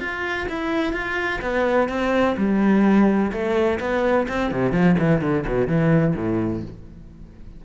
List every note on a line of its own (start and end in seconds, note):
0.00 0.47 F4
0.49 0.93 E4
0.93 1.40 F4
1.42 1.89 B3
1.89 2.36 C4
2.37 3.32 G3
3.32 3.80 A3
3.80 4.28 B3
4.29 4.52 C4
4.52 4.72 C3
4.72 4.96 F3
4.99 5.21 E3
5.21 5.45 D3
5.47 5.67 B2
5.67 6.15 E3
6.16 6.63 A2